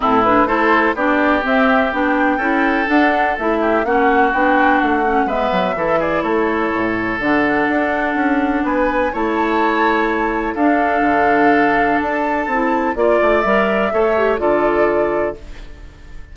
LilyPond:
<<
  \new Staff \with { instrumentName = "flute" } { \time 4/4 \tempo 4 = 125 a'8 b'8 c''4 d''4 e''4 | g''2 fis''4 e''4 | fis''4 g''4 fis''4 e''4~ | e''8 d''8 cis''2 fis''4~ |
fis''2 gis''4 a''4~ | a''2 f''2~ | f''4 a''2 d''4 | e''2 d''2 | }
  \new Staff \with { instrumentName = "oboe" } { \time 4/4 e'4 a'4 g'2~ | g'4 a'2~ a'8 g'8 | fis'2. b'4 | a'8 gis'8 a'2.~ |
a'2 b'4 cis''4~ | cis''2 a'2~ | a'2. d''4~ | d''4 cis''4 a'2 | }
  \new Staff \with { instrumentName = "clarinet" } { \time 4/4 c'8 d'8 e'4 d'4 c'4 | d'4 e'4 d'4 e'4 | cis'4 d'4. cis'8 b4 | e'2. d'4~ |
d'2. e'4~ | e'2 d'2~ | d'2 e'4 f'4 | ais'4 a'8 g'8 f'2 | }
  \new Staff \with { instrumentName = "bassoon" } { \time 4/4 a,4 a4 b4 c'4 | b4 cis'4 d'4 a4 | ais4 b4 a4 gis8 fis8 | e4 a4 a,4 d4 |
d'4 cis'4 b4 a4~ | a2 d'4 d4~ | d4 d'4 c'4 ais8 a8 | g4 a4 d2 | }
>>